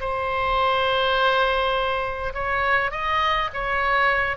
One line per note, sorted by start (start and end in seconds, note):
0.00 2.33 C5
2.34 2.91 C#5
2.91 3.50 D#5
3.53 4.37 C#5